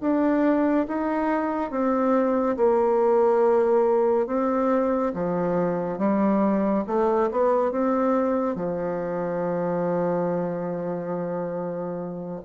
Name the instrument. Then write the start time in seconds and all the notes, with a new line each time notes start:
bassoon
0.00 D4
0.87 D#4
1.70 C4
2.56 A#3
4.26 C4
5.14 F3
5.98 G3
6.86 A3
7.31 B3
7.71 C4
8.55 F3